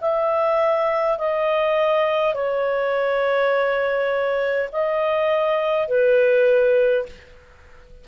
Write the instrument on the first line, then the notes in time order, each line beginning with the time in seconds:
clarinet
0.00 E5
1.18 D#5
2.34 C#5
4.72 D#5
5.88 B4